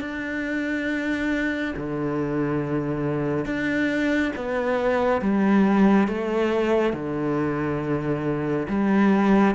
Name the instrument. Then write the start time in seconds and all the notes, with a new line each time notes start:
cello
0.00 D4
1.76 D3
3.45 D4
4.36 B3
5.21 G3
6.08 A3
6.93 D3
8.68 G3